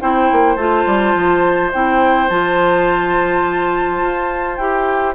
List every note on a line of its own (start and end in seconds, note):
0.00 0.31 C4
0.00 0.57 E4
0.00 5.15 C5
0.00 0.55 G5
0.32 0.56 A#3
0.55 0.84 A3
0.55 1.72 F4
0.55 1.70 A5
0.86 1.15 G3
1.15 1.72 F3
1.73 2.30 C4
1.73 2.29 E4
1.73 2.29 G5
2.29 4.01 F3
2.29 4.58 F4
2.29 4.57 A5
4.01 4.58 F4
4.57 5.15 E4
4.57 5.15 G4
4.57 5.14 G5